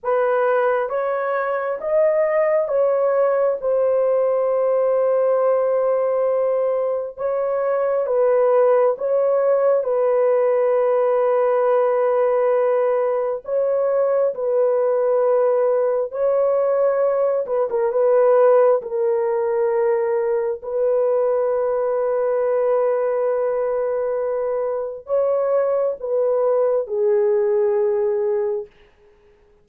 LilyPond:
\new Staff \with { instrumentName = "horn" } { \time 4/4 \tempo 4 = 67 b'4 cis''4 dis''4 cis''4 | c''1 | cis''4 b'4 cis''4 b'4~ | b'2. cis''4 |
b'2 cis''4. b'16 ais'16 | b'4 ais'2 b'4~ | b'1 | cis''4 b'4 gis'2 | }